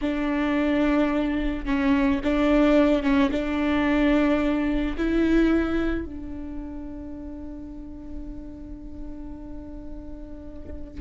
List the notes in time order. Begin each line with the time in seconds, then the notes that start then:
0.01 D4
1.65 C#4
2.23 D4
3.03 C#4
3.31 D4
4.97 E4
6.05 D4